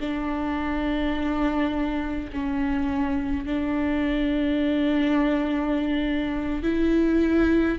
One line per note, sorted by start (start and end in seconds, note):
0.00 2.31 D4
2.33 3.46 C#4
3.46 6.63 D4
6.63 7.79 E4